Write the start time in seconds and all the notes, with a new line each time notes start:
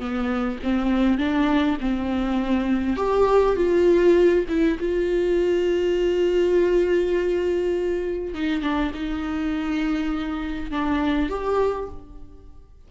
0.00 B3
0.63 C4
1.19 D4
1.81 C4
2.97 G4
3.56 F4
4.49 E4
4.80 F4
8.35 D#4
8.62 D4
8.94 D#4
10.71 D4
11.30 G4